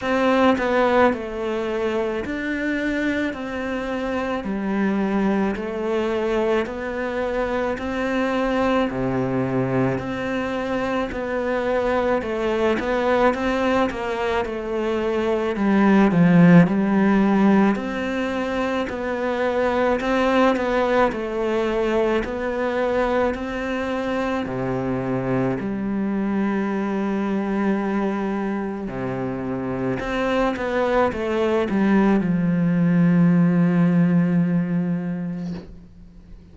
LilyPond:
\new Staff \with { instrumentName = "cello" } { \time 4/4 \tempo 4 = 54 c'8 b8 a4 d'4 c'4 | g4 a4 b4 c'4 | c4 c'4 b4 a8 b8 | c'8 ais8 a4 g8 f8 g4 |
c'4 b4 c'8 b8 a4 | b4 c'4 c4 g4~ | g2 c4 c'8 b8 | a8 g8 f2. | }